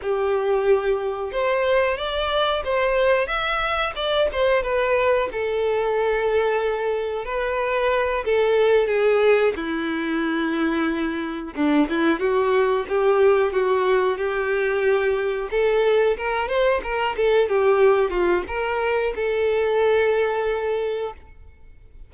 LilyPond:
\new Staff \with { instrumentName = "violin" } { \time 4/4 \tempo 4 = 91 g'2 c''4 d''4 | c''4 e''4 d''8 c''8 b'4 | a'2. b'4~ | b'8 a'4 gis'4 e'4.~ |
e'4. d'8 e'8 fis'4 g'8~ | g'8 fis'4 g'2 a'8~ | a'8 ais'8 c''8 ais'8 a'8 g'4 f'8 | ais'4 a'2. | }